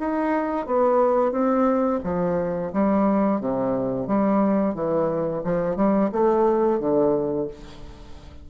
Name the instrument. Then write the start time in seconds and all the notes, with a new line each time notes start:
bassoon
0.00 D#4
0.67 B3
1.32 C4
2.04 F3
2.73 G3
3.41 C3
4.08 G3
4.75 E3
5.44 F3
5.76 G3
6.12 A3
6.80 D3